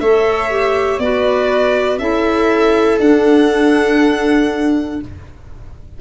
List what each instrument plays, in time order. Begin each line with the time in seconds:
0.00 tuba A3, clarinet A4, viola C#5, violin E5
0.50 clarinet G4
0.99 tuba B3, clarinet F#4, viola B4, violin D5
1.99 tuba C#4, clarinet E4, viola A4, violin E5
3.00 tuba D4, clarinet D4, violin F#5